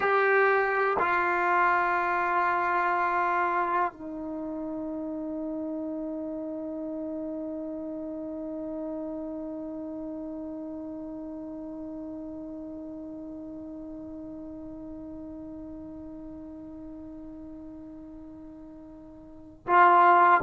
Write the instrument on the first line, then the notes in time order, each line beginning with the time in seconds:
trombone
0.00 G4
0.99 F4
3.93 D#4
19.66 F4